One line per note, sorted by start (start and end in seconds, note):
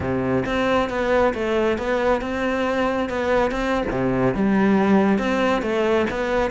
0.00 0.44 C3
0.45 0.89 C4
0.89 1.33 B3
1.34 1.77 A3
1.77 2.21 B3
2.21 3.09 C4
3.09 3.51 B3
3.51 3.84 C4
3.90 4.34 C3
4.34 5.18 G3
5.18 5.61 C4
5.61 6.06 A3
6.10 6.51 B3